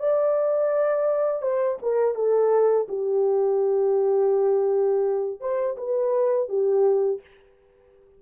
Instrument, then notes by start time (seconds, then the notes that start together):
horn
0.00 D5
1.42 C5
1.82 A#4
2.15 A4
2.88 G4
5.41 C5
5.77 B4
6.49 G4